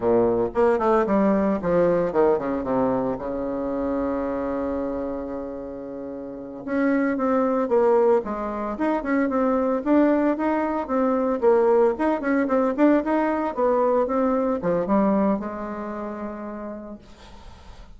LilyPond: \new Staff \with { instrumentName = "bassoon" } { \time 4/4 \tempo 4 = 113 ais,4 ais8 a8 g4 f4 | dis8 cis8 c4 cis2~ | cis1~ | cis8 cis'4 c'4 ais4 gis8~ |
gis8 dis'8 cis'8 c'4 d'4 dis'8~ | dis'8 c'4 ais4 dis'8 cis'8 c'8 | d'8 dis'4 b4 c'4 f8 | g4 gis2. | }